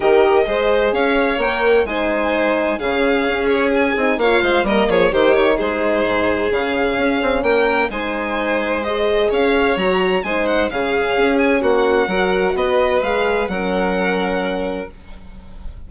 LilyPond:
<<
  \new Staff \with { instrumentName = "violin" } { \time 4/4 \tempo 4 = 129 dis''2 f''4 g''4 | gis''2 f''4. cis''8 | gis''4 f''4 dis''8 cis''8 c''8 cis''8 | c''2 f''2 |
g''4 gis''2 dis''4 | f''4 ais''4 gis''8 fis''8 f''4~ | f''8 gis''8 fis''2 dis''4 | f''4 fis''2. | }
  \new Staff \with { instrumentName = "violin" } { \time 4/4 ais'4 c''4 cis''2 | c''2 gis'2~ | gis'4 cis''8 c''8 ais'8 gis'8 g'4 | gis'1 |
ais'4 c''2. | cis''2 c''4 gis'4~ | gis'4 fis'4 ais'4 b'4~ | b'4 ais'2. | }
  \new Staff \with { instrumentName = "horn" } { \time 4/4 g'4 gis'2 ais'4 | dis'2 cis'2~ | cis'8 dis'8 f'4 ais4 dis'4~ | dis'2 cis'2~ |
cis'4 dis'2 gis'4~ | gis'4 fis'4 dis'4 cis'4~ | cis'2 fis'2 | gis'4 cis'2. | }
  \new Staff \with { instrumentName = "bassoon" } { \time 4/4 dis4 gis4 cis'4 ais4 | gis2 cis4 cis'4~ | cis'8 c'8 ais8 gis8 g8 f8 dis4 | gis4 gis,4 cis4 cis'8 c'8 |
ais4 gis2. | cis'4 fis4 gis4 cis4 | cis'4 ais4 fis4 b4 | gis4 fis2. | }
>>